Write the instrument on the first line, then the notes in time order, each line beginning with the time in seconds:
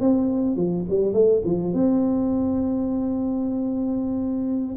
tuba
0.00 C4
0.56 F3
0.89 G3
1.13 A3
1.44 F3
1.73 C4